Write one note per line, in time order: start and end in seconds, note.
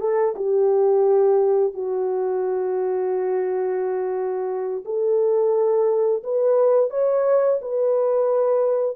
0.00 0.34 A4
0.36 1.74 G4
1.74 4.84 F#4
4.85 6.23 A4
6.23 6.90 B4
6.90 7.59 C#5
7.61 8.96 B4